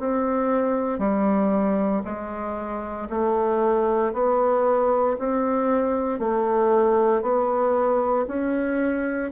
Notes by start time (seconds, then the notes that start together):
0.00 C4
0.99 G3
2.05 G#3
3.10 A3
4.14 B3
5.19 C4
6.20 A3
7.23 B3
8.28 C#4